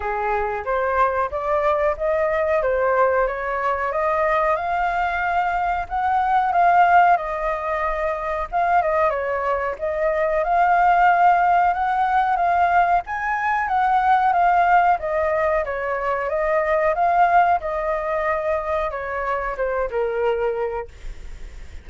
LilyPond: \new Staff \with { instrumentName = "flute" } { \time 4/4 \tempo 4 = 92 gis'4 c''4 d''4 dis''4 | c''4 cis''4 dis''4 f''4~ | f''4 fis''4 f''4 dis''4~ | dis''4 f''8 dis''8 cis''4 dis''4 |
f''2 fis''4 f''4 | gis''4 fis''4 f''4 dis''4 | cis''4 dis''4 f''4 dis''4~ | dis''4 cis''4 c''8 ais'4. | }